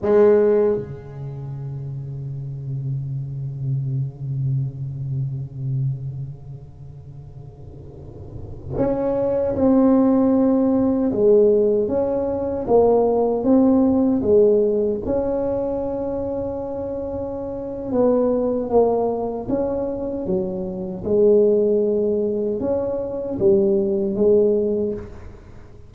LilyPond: \new Staff \with { instrumentName = "tuba" } { \time 4/4 \tempo 4 = 77 gis4 cis2.~ | cis1~ | cis2.~ cis16 cis'8.~ | cis'16 c'2 gis4 cis'8.~ |
cis'16 ais4 c'4 gis4 cis'8.~ | cis'2. b4 | ais4 cis'4 fis4 gis4~ | gis4 cis'4 g4 gis4 | }